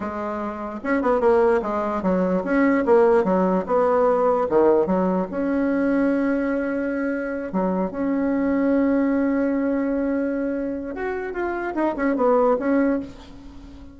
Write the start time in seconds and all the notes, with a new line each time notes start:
0.00 G#3
0.83 C#4
1.01 B3
1.20 A#3
1.61 G#3
2.02 F#3
2.44 C#4
2.85 A#3
3.24 F#3
3.66 B3
4.49 D#3
4.86 F#3
5.30 C#4
7.52 F#3
7.90 C#4
10.95 F#4
11.33 F4
11.75 D#4
11.96 C#4
12.16 B3
12.59 C#4